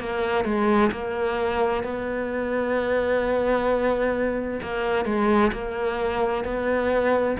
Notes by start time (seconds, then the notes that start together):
0.00 A#3
0.44 G#3
0.91 A#3
1.83 B3
4.62 A#3
5.05 G#3
5.52 A#3
6.44 B3